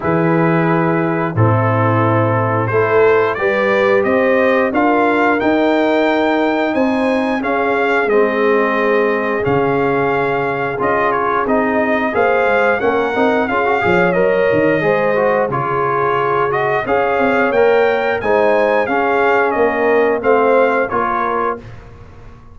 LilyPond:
<<
  \new Staff \with { instrumentName = "trumpet" } { \time 4/4 \tempo 4 = 89 b'2 a'2 | c''4 d''4 dis''4 f''4 | g''2 gis''4 f''4 | dis''2 f''2 |
dis''8 cis''8 dis''4 f''4 fis''4 | f''4 dis''2 cis''4~ | cis''8 dis''8 f''4 g''4 gis''4 | f''4 dis''4 f''4 cis''4 | }
  \new Staff \with { instrumentName = "horn" } { \time 4/4 gis'2 e'2 | a'4 b'4 c''4 ais'4~ | ais'2 c''4 gis'4~ | gis'1~ |
gis'2 c''4 ais'4 | gis'8 cis''4. c''4 gis'4~ | gis'4 cis''2 c''4 | gis'4 ais'4 c''4 ais'4 | }
  \new Staff \with { instrumentName = "trombone" } { \time 4/4 e'2 c'2 | e'4 g'2 f'4 | dis'2. cis'4 | c'2 cis'2 |
f'4 dis'4 gis'4 cis'8 dis'8 | f'16 fis'16 gis'8 ais'4 gis'8 fis'8 f'4~ | f'8 fis'8 gis'4 ais'4 dis'4 | cis'2 c'4 f'4 | }
  \new Staff \with { instrumentName = "tuba" } { \time 4/4 e2 a,2 | a4 g4 c'4 d'4 | dis'2 c'4 cis'4 | gis2 cis2 |
cis'4 c'4 ais8 gis8 ais8 c'8 | cis'8 f8 fis8 dis8 gis4 cis4~ | cis4 cis'8 c'8 ais4 gis4 | cis'4 ais4 a4 ais4 | }
>>